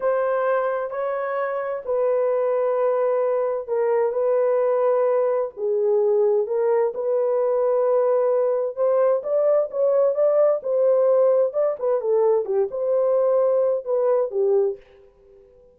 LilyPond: \new Staff \with { instrumentName = "horn" } { \time 4/4 \tempo 4 = 130 c''2 cis''2 | b'1 | ais'4 b'2. | gis'2 ais'4 b'4~ |
b'2. c''4 | d''4 cis''4 d''4 c''4~ | c''4 d''8 b'8 a'4 g'8 c''8~ | c''2 b'4 g'4 | }